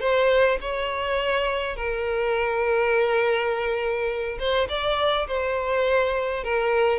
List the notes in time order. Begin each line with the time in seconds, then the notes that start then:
0.00 C5
0.61 C#5
1.76 A#4
4.39 C5
4.69 D5
5.27 C5
6.44 A#4